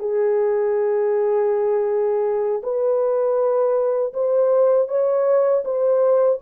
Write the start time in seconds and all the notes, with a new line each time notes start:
0.00 G#4
2.64 B4
4.14 C5
4.89 C#5
5.65 C5